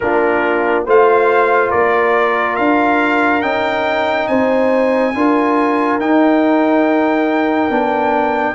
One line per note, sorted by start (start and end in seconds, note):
0.00 0.86 A#3
0.00 0.86 D4
0.00 0.85 F4
0.00 0.84 A#4
0.85 1.72 A3
0.85 3.42 F4
0.85 1.70 C5
0.85 1.70 F5
1.70 2.58 A#3
1.70 4.27 A#4
1.70 2.56 D5
2.56 3.42 D4
2.56 3.41 F5
3.41 4.27 C#4
3.41 5.14 D#4
3.41 4.27 G5
4.27 5.14 C4
4.27 5.14 C5
4.27 5.98 G#5
5.14 6.00 D4
5.14 6.00 F4
5.14 8.54 A#4
6.00 7.70 D#4
6.00 8.54 G5
7.70 8.54 B3
7.70 8.54 D4